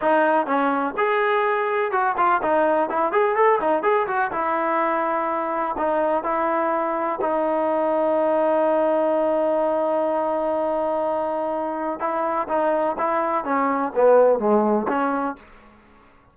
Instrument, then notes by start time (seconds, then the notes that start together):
trombone
0.01 D#4
0.46 C#4
0.97 G#4
1.91 F#4
2.17 F4
2.42 D#4
2.89 E4
3.12 G#4
3.35 A4
3.60 D#4
3.82 G#4
4.07 F#4
4.31 E4
5.77 D#4
6.23 E4
7.21 D#4
11.99 E4
12.48 D#4
12.98 E4
13.44 C#4
13.95 B3
14.39 G#3
14.88 C#4